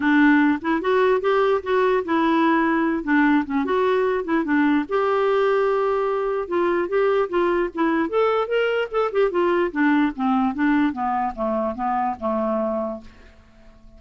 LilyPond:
\new Staff \with { instrumentName = "clarinet" } { \time 4/4 \tempo 4 = 148 d'4. e'8 fis'4 g'4 | fis'4 e'2~ e'8 d'8~ | d'8 cis'8 fis'4. e'8 d'4 | g'1 |
f'4 g'4 f'4 e'4 | a'4 ais'4 a'8 g'8 f'4 | d'4 c'4 d'4 b4 | a4 b4 a2 | }